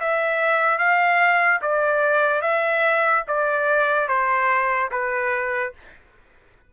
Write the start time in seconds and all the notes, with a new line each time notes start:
0.00 E5
0.78 F5
1.62 D5
2.42 E5
3.28 D5
4.08 C5
4.91 B4